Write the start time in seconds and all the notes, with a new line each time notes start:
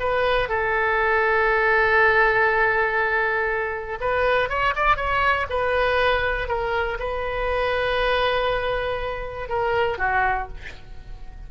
0.00 B4
0.49 A4
4.01 B4
4.49 C#5
4.76 D5
4.97 C#5
5.50 B4
6.48 A#4
6.99 B4
9.49 A#4
9.98 F#4